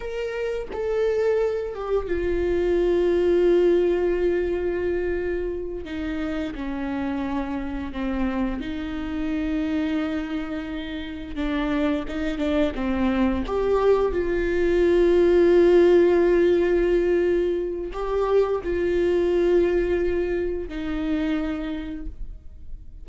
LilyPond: \new Staff \with { instrumentName = "viola" } { \time 4/4 \tempo 4 = 87 ais'4 a'4. g'8 f'4~ | f'1~ | f'8 dis'4 cis'2 c'8~ | c'8 dis'2.~ dis'8~ |
dis'8 d'4 dis'8 d'8 c'4 g'8~ | g'8 f'2.~ f'8~ | f'2 g'4 f'4~ | f'2 dis'2 | }